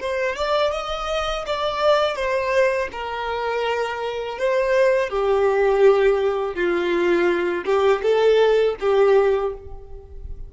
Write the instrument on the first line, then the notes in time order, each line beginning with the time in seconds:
violin
0.00 C5
0.36 D5
0.72 D#5
1.46 D5
2.16 C5
2.92 A#4
4.39 C5
5.10 G4
6.55 F4
7.65 G4
8.03 A4
8.80 G4